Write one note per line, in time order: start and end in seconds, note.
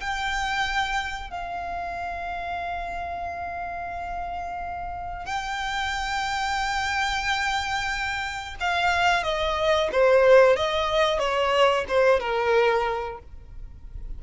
0.00 1.30 G5
1.30 5.25 F5
5.25 8.55 G5
8.60 9.23 F5
9.23 9.89 D#5
9.92 10.56 C5
10.56 11.18 D#5
11.18 11.84 C#5
11.88 12.19 C5
12.19 13.18 A#4